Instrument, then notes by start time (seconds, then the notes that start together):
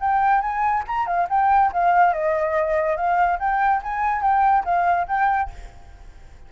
flute
0.00 G5
0.41 G#5
0.87 A#5
1.06 F5
1.29 G5
1.72 F5
2.13 D#5
2.96 F5
3.39 G5
3.83 G#5
4.22 G5
4.65 F5
5.08 G5